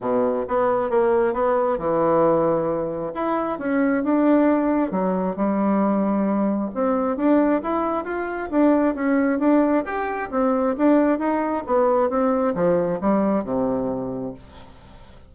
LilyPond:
\new Staff \with { instrumentName = "bassoon" } { \time 4/4 \tempo 4 = 134 b,4 b4 ais4 b4 | e2. e'4 | cis'4 d'2 fis4 | g2. c'4 |
d'4 e'4 f'4 d'4 | cis'4 d'4 g'4 c'4 | d'4 dis'4 b4 c'4 | f4 g4 c2 | }